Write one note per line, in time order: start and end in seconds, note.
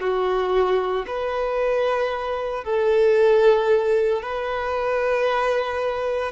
0.00 1.05 F#4
1.07 2.64 B4
2.64 4.22 A4
4.22 6.32 B4